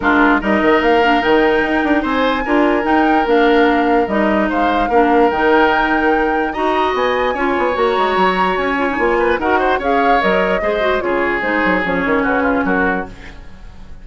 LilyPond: <<
  \new Staff \with { instrumentName = "flute" } { \time 4/4 \tempo 4 = 147 ais'4 dis''4 f''4 g''4~ | g''4 gis''2 g''4 | f''2 dis''4 f''4~ | f''4 g''2. |
ais''4 gis''2 ais''4~ | ais''4 gis''2 fis''4 | f''4 dis''2 cis''4 | c''4 cis''4 b'4 ais'4 | }
  \new Staff \with { instrumentName = "oboe" } { \time 4/4 f'4 ais'2.~ | ais'4 c''4 ais'2~ | ais'2. c''4 | ais'1 |
dis''2 cis''2~ | cis''2~ cis''8 b'8 ais'8 c''8 | cis''2 c''4 gis'4~ | gis'2 fis'8 f'8 fis'4 | }
  \new Staff \with { instrumentName = "clarinet" } { \time 4/4 d'4 dis'4. d'8 dis'4~ | dis'2 f'4 dis'4 | d'2 dis'2 | d'4 dis'2. |
fis'2 f'4 fis'4~ | fis'4. f'16 dis'16 f'4 fis'4 | gis'4 ais'4 gis'8 fis'8 f'4 | dis'4 cis'2. | }
  \new Staff \with { instrumentName = "bassoon" } { \time 4/4 gis4 g8 dis8 ais4 dis4 | dis'8 d'8 c'4 d'4 dis'4 | ais2 g4 gis4 | ais4 dis2. |
dis'4 b4 cis'8 b8 ais8 gis8 | fis4 cis'4 ais4 dis'4 | cis'4 fis4 gis4 cis4 | gis8 fis8 f8 dis8 cis4 fis4 | }
>>